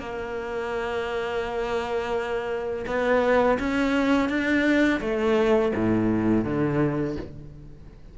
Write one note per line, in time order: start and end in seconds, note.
0.00 2.86 A#3
2.87 3.58 B3
3.59 4.29 C#4
4.29 5.01 D4
5.01 5.72 A3
5.75 6.45 A2
6.45 7.16 D3